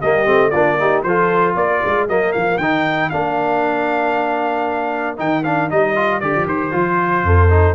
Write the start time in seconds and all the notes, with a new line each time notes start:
0.00 G3 A#3 G4 D#5
0.26 A3 C4
0.51 A#3 D4 F4 D5
0.80 D#4 G4
1.03 F3 F4 A4 C5
1.56 A#3 A#4 D5
1.85 G#3
2.08 F#3 A#3 D#5
2.33 F3 F5
2.58 D#3 D#4 G5
3.10 A#3 D4 F5
5.18 D#3 D#4 G5
5.44 D4 F5
5.70 G3 D#4 D#5
5.96 F4
6.20 D3 G4 D5
6.36 F3
6.46 D#3 C5
6.72 F3 F4
7.23 F2 A4
7.50 D#4